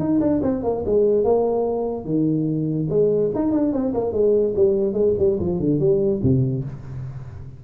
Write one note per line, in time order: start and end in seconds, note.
0.00 0.21 D#4
0.21 0.41 D4
0.43 0.64 C4
0.64 0.84 A#3
0.86 1.25 G#3
1.25 2.05 A#3
2.05 2.88 D#3
2.90 3.31 G#3
3.35 3.52 D#4
3.52 3.73 D4
3.73 3.94 C4
3.94 4.13 A#3
4.13 4.54 G#3
4.56 4.94 G3
4.94 5.14 G#3
5.19 5.40 G3
5.40 5.60 F3
5.60 5.80 D3
5.80 6.21 G3
6.23 6.65 C3